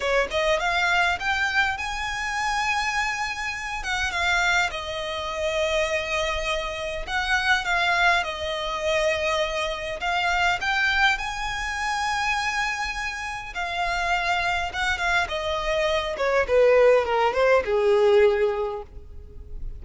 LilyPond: \new Staff \with { instrumentName = "violin" } { \time 4/4 \tempo 4 = 102 cis''8 dis''8 f''4 g''4 gis''4~ | gis''2~ gis''8 fis''8 f''4 | dis''1 | fis''4 f''4 dis''2~ |
dis''4 f''4 g''4 gis''4~ | gis''2. f''4~ | f''4 fis''8 f''8 dis''4. cis''8 | b'4 ais'8 c''8 gis'2 | }